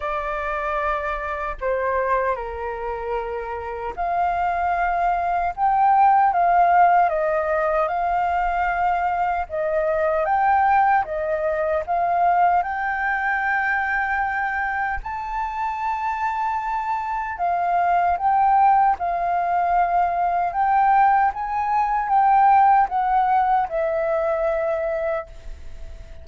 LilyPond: \new Staff \with { instrumentName = "flute" } { \time 4/4 \tempo 4 = 76 d''2 c''4 ais'4~ | ais'4 f''2 g''4 | f''4 dis''4 f''2 | dis''4 g''4 dis''4 f''4 |
g''2. a''4~ | a''2 f''4 g''4 | f''2 g''4 gis''4 | g''4 fis''4 e''2 | }